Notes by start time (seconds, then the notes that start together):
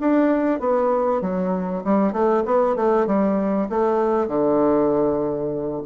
0.00 D4
0.60 B3
1.21 F#3
1.84 G3
2.13 A3
2.45 B3
2.76 A3
3.06 G3
3.69 A3
4.28 D3